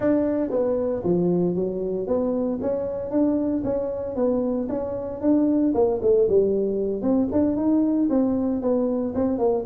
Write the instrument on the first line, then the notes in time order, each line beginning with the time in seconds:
tuba
0.00 D4
0.50 B3
1.03 F3
1.55 F#3
2.07 B3
2.61 C#4
3.10 D4
3.64 C#4
4.15 B3
4.69 C#4
5.21 D4
5.74 A#3
6.01 A3
6.28 G3
7.02 C4
7.31 D4
7.56 D#4
8.09 C4
8.61 B3
9.14 C4
9.38 A#3